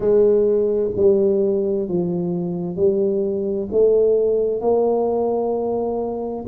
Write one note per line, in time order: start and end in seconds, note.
0.00 0.90 G#3
0.96 1.88 G3
1.88 2.76 F3
2.76 3.68 G3
3.71 4.60 A3
4.60 6.45 A#3